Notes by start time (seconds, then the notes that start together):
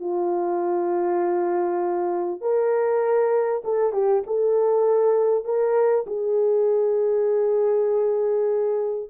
0.00 F4
2.41 A#4
3.64 A4
3.93 G4
4.27 A4
5.45 A#4
6.07 G#4